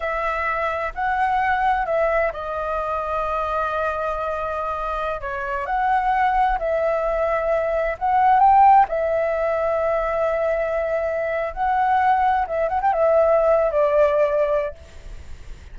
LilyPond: \new Staff \with { instrumentName = "flute" } { \time 4/4 \tempo 4 = 130 e''2 fis''2 | e''4 dis''2.~ | dis''2.~ dis''16 cis''8.~ | cis''16 fis''2 e''4.~ e''16~ |
e''4~ e''16 fis''4 g''4 e''8.~ | e''1~ | e''4 fis''2 e''8 fis''16 g''16 | e''4.~ e''16 d''2~ d''16 | }